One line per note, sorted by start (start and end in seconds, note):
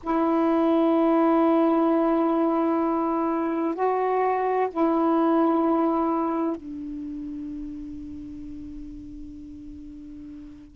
0.03 3.74 E4
3.74 4.68 F#4
4.70 6.56 E4
6.56 10.76 D4